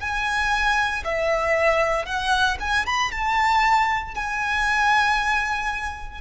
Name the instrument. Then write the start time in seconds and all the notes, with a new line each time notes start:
violin
0.00 G#5
1.04 E5
2.05 F#5
2.60 G#5
2.86 B5
3.11 A5
4.15 G#5